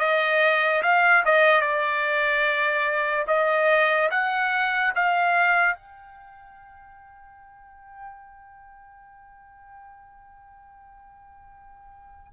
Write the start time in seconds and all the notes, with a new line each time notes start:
0.00 D#5
0.83 F5
1.26 D#5
1.61 D5
3.28 D#5
4.11 F#5
4.95 F5
5.75 G5